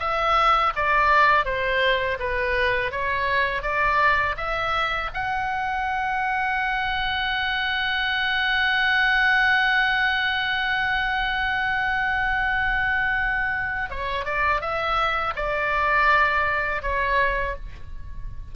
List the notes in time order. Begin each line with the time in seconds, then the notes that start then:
0.00 E5
0.76 D5
1.45 C5
2.20 B4
2.92 C#5
3.63 D5
4.37 E5
5.14 F#5
13.91 C#5
14.25 D5
14.61 E5
15.36 D5
16.82 C#5